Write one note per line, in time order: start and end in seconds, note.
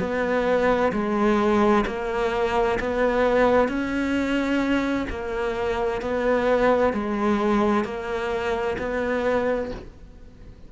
0.00 0.92 B3
0.93 1.85 G#3
1.87 2.79 A#3
2.80 3.68 B3
3.68 5.07 C#4
5.10 6.02 A#3
6.02 6.94 B3
6.94 7.85 G#3
7.85 8.77 A#3
8.79 9.71 B3